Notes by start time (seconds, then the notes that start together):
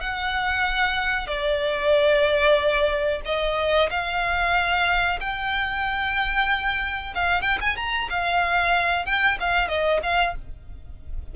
0.00 F#5
1.27 D5
3.25 D#5
3.90 F5
5.20 G5
7.14 F5
7.41 G5
7.60 G#5
7.76 A#5
8.09 F5
9.05 G5
9.40 F5
9.68 D#5
10.02 F5